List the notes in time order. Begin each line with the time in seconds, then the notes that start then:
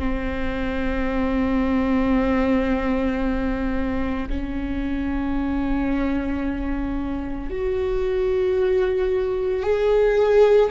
0.00 C4
4.30 C#4
7.50 F#4
9.63 G#4